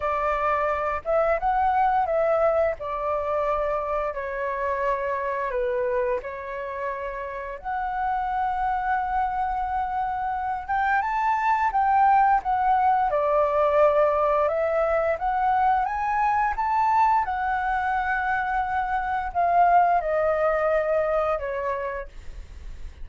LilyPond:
\new Staff \with { instrumentName = "flute" } { \time 4/4 \tempo 4 = 87 d''4. e''8 fis''4 e''4 | d''2 cis''2 | b'4 cis''2 fis''4~ | fis''2.~ fis''8 g''8 |
a''4 g''4 fis''4 d''4~ | d''4 e''4 fis''4 gis''4 | a''4 fis''2. | f''4 dis''2 cis''4 | }